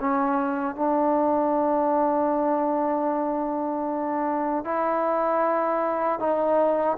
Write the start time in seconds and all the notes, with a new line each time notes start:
0.00 C#4
0.76 D4
4.65 E4
6.20 D#4